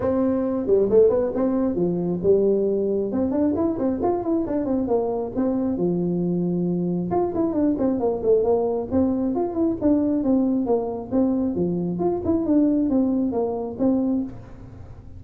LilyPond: \new Staff \with { instrumentName = "tuba" } { \time 4/4 \tempo 4 = 135 c'4. g8 a8 b8 c'4 | f4 g2 c'8 d'8 | e'8 c'8 f'8 e'8 d'8 c'8 ais4 | c'4 f2. |
f'8 e'8 d'8 c'8 ais8 a8 ais4 | c'4 f'8 e'8 d'4 c'4 | ais4 c'4 f4 f'8 e'8 | d'4 c'4 ais4 c'4 | }